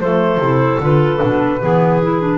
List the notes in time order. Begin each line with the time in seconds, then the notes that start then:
0.00 F3 A3 A4 C5
0.38 C3 E4
0.80 D3 F4 B4
1.19 B2 D4
1.61 E3 B3 G#4
2.03 E4
2.22 D4